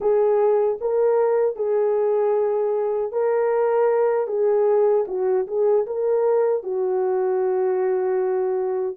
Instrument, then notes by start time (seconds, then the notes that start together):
horn
0.00 G#4
0.80 A#4
1.56 G#4
3.12 A#4
4.27 G#4
5.07 F#4
5.47 G#4
5.86 A#4
6.63 F#4